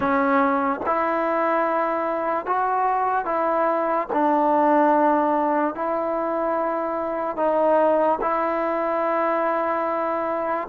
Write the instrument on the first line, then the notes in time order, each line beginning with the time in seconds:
trombone
0.00 C#4
0.86 E4
2.45 F#4
3.25 E4
4.12 D4
5.74 E4
7.36 D#4
8.21 E4